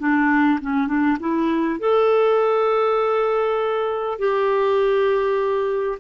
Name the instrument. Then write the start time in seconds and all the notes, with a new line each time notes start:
clarinet
0.00 D4
0.62 C#4
0.88 D4
1.20 E4
1.80 A4
4.19 G4